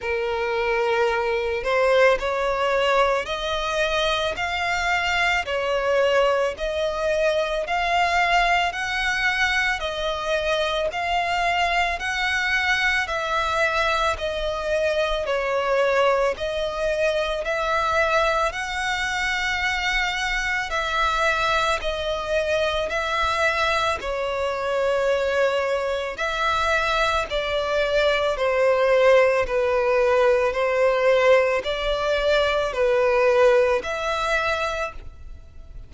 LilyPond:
\new Staff \with { instrumentName = "violin" } { \time 4/4 \tempo 4 = 55 ais'4. c''8 cis''4 dis''4 | f''4 cis''4 dis''4 f''4 | fis''4 dis''4 f''4 fis''4 | e''4 dis''4 cis''4 dis''4 |
e''4 fis''2 e''4 | dis''4 e''4 cis''2 | e''4 d''4 c''4 b'4 | c''4 d''4 b'4 e''4 | }